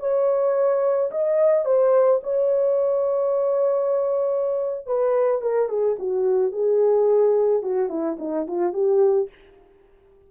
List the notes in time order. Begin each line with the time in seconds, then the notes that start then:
0.00 C#5
1.12 D#5
1.66 C5
2.23 C#5
4.87 B4
5.42 A#4
5.69 G#4
5.99 F#4
6.53 G#4
7.63 F#4
7.89 E4
8.19 D#4
8.47 F4
8.74 G4